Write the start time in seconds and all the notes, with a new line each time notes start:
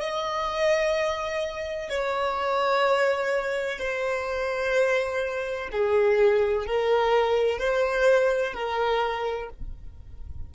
0.00 D#5
1.89 C#5
3.78 C5
5.71 G#4
6.66 A#4
7.58 C5
8.54 A#4